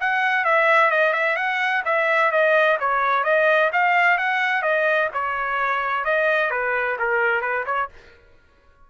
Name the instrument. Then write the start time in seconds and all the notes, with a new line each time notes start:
trumpet
0.00 F#5
0.44 E5
0.90 D#5
1.13 E5
1.36 F#5
1.85 E5
2.31 D#5
2.80 C#5
3.24 D#5
3.72 F5
4.18 F#5
4.62 D#5
5.13 C#5
6.04 D#5
6.50 B4
6.99 A#4
7.41 B4
7.65 C#5